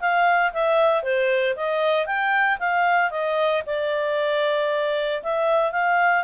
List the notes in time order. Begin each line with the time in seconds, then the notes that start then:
0.00 F5
0.53 E5
1.03 C5
1.56 D#5
2.06 G5
2.59 F5
3.10 D#5
3.66 D5
5.23 E5
5.72 F5